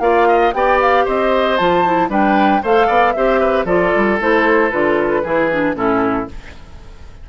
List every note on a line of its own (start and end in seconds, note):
0.00 0.52 A#3
0.00 0.53 F4
0.00 0.28 D5
0.00 0.52 F5
0.28 0.54 D#5
0.53 1.06 B3
0.53 1.58 G4
0.53 1.05 D5
0.53 0.79 G5
0.81 1.07 F5
1.05 1.60 C4
1.05 2.09 C5
1.05 1.57 D#5
1.57 2.09 F3
1.57 1.85 F4
1.57 2.09 A5
1.85 2.09 E4
2.09 2.61 G3
2.09 2.61 D4
2.09 2.62 B4
2.09 2.64 G5
2.63 2.88 A3
2.63 3.16 A4
2.63 2.87 C5
2.63 3.12 F5
2.87 3.15 B3
2.87 3.13 D5
3.12 3.65 C4
3.12 3.67 G4
3.12 3.40 C5
3.12 3.65 E5
3.40 3.65 B4
3.65 3.91 F3
3.65 4.19 F4
3.65 5.22 A4
3.65 4.18 D5
3.95 4.20 G3
4.20 4.72 A3
4.20 4.71 E4
4.20 4.70 C5
4.70 5.24 D3
4.70 5.23 F4
4.70 5.75 B4
5.23 5.75 E3
5.23 5.50 E4
5.23 5.76 G#4
5.51 5.74 D4
5.74 6.27 A2
5.74 6.27 C#4
5.74 6.29 E4
5.74 6.29 A4